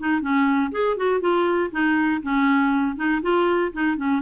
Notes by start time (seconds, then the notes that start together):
0.00 D#4
0.22 C#4
0.72 G#4
0.97 F#4
1.21 F4
1.72 D#4
2.23 C#4
2.96 D#4
3.22 F4
3.73 D#4
3.97 C#4